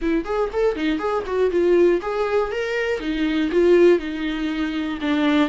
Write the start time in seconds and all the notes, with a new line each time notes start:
0.01 E4
0.25 G#4
0.52 A4
0.75 D#4
0.98 G#4
1.26 F#4
1.50 F4
2.01 G#4
2.51 A#4
3.00 D#4
3.51 F4
3.98 D#4
5.01 D4